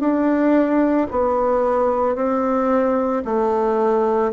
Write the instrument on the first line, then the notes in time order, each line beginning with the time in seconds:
bassoon
0.00 D4
1.12 B3
2.16 C4
3.26 A3